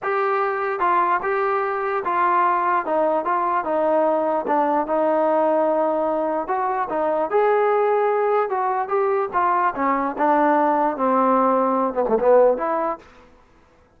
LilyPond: \new Staff \with { instrumentName = "trombone" } { \time 4/4 \tempo 4 = 148 g'2 f'4 g'4~ | g'4 f'2 dis'4 | f'4 dis'2 d'4 | dis'1 |
fis'4 dis'4 gis'2~ | gis'4 fis'4 g'4 f'4 | cis'4 d'2 c'4~ | c'4. b16 a16 b4 e'4 | }